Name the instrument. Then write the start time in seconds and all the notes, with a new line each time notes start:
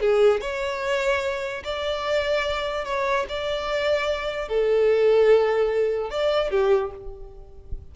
violin
0.00 G#4
0.40 C#5
1.64 D5
2.85 C#5
3.28 D5
4.48 A4
6.10 D5
6.50 G4